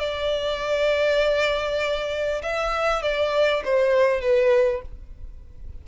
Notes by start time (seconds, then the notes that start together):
0.00 D5
2.43 E5
3.03 D5
3.65 C5
4.21 B4